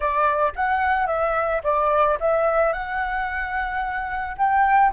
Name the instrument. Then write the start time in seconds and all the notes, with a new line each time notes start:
flute
0.00 D5
0.55 F#5
1.07 E5
1.63 D5
2.20 E5
2.72 F#5
4.37 G5